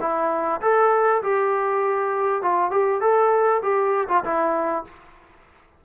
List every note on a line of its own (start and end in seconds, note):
0.00 0.61 E4
0.61 1.21 A4
1.22 2.42 G4
2.42 2.71 F4
2.71 3.01 G4
3.01 3.61 A4
3.62 4.07 G4
4.08 4.23 F4
4.24 4.84 E4